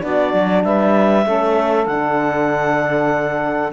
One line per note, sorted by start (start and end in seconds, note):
0.00 0.33 B3
0.00 1.24 D4
0.00 0.63 F#4
0.00 0.64 D5
0.33 0.64 F#3
0.64 1.26 G3
0.64 1.26 B4
0.64 1.85 E5
1.24 1.86 A3
1.24 1.86 C#4
1.24 3.73 A4
1.85 3.72 D3
1.85 3.73 D4
1.85 3.71 F#5